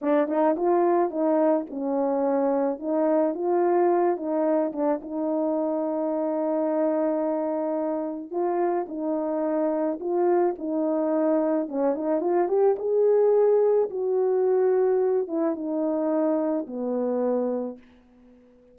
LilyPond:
\new Staff \with { instrumentName = "horn" } { \time 4/4 \tempo 4 = 108 d'8 dis'8 f'4 dis'4 cis'4~ | cis'4 dis'4 f'4. dis'8~ | dis'8 d'8 dis'2.~ | dis'2. f'4 |
dis'2 f'4 dis'4~ | dis'4 cis'8 dis'8 f'8 g'8 gis'4~ | gis'4 fis'2~ fis'8 e'8 | dis'2 b2 | }